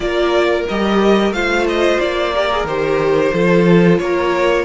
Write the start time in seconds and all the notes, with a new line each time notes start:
0.00 A#3 F4 A#4 D5
0.68 G3 G4 D#5
1.31 A3 F4 C5 F5
1.68 D#5
1.99 A#3 D5
2.34 G4 A#4
2.51 G#4
2.64 D#3 G4 C5
3.33 F3 F4 A4
3.98 A#3 A#4 C#5